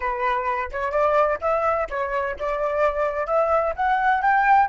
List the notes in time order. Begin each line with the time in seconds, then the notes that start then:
0.00 B4
0.71 C#5
0.91 D5
1.41 E5
1.89 C#5
2.39 D5
3.26 E5
3.76 F#5
4.22 G5